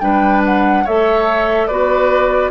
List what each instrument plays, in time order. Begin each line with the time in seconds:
0.00 bassoon G3, clarinet D4, oboe B4, flute G5
0.45 flute F#5
0.84 bassoon A3, clarinet A4, oboe C#5, flute E5
1.67 bassoon B3, clarinet F#4, oboe B4, flute D5